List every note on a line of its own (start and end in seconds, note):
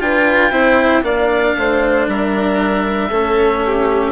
0.00 0.52 D4
0.00 0.52 F4
0.00 0.52 B4
0.00 1.04 G5
0.52 1.03 C4
0.52 1.03 E4
0.52 1.03 C5
1.03 1.55 A#3
1.03 3.10 D4
1.03 1.57 D5
1.03 2.08 F5
1.57 2.08 A3
1.57 2.10 C5
2.08 3.11 G3
2.08 3.09 A#4
2.08 4.12 E5
3.09 4.12 A3
3.09 4.12 C#4
3.09 3.61 A4
3.66 4.12 G4